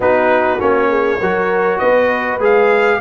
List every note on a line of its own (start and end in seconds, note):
0.00 0.59 B3
0.00 0.59 D#4
0.00 0.89 F#4
0.00 0.60 B4
0.59 1.20 A#3
0.59 1.19 C#4
0.59 1.78 C#5
0.89 1.19 G#4
1.20 1.80 F#3
1.20 2.40 F#4
1.20 1.79 A#4
1.78 2.38 B3
1.78 2.99 B4
1.78 2.38 D#5
2.38 2.98 G#3
2.38 3.00 G#4
2.38 3.00 F5